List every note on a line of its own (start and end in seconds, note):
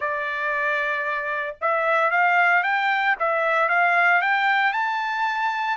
0.00 1.56 D5
1.61 2.11 E5
2.11 2.63 F5
2.63 3.16 G5
3.19 3.68 E5
3.68 4.21 F5
4.21 4.72 G5
4.72 5.77 A5